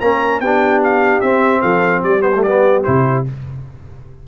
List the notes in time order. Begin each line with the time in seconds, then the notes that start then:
0.00 A#3 C#4 A#4 A#5
0.39 B3 D4 G4 G5
0.83 F5
1.20 C4 E5
1.61 F3 A4 F5
2.02 G3 G4 D5
2.21 B3 C5
2.35 A3
2.42 B3 D5
2.83 C3 E4 C5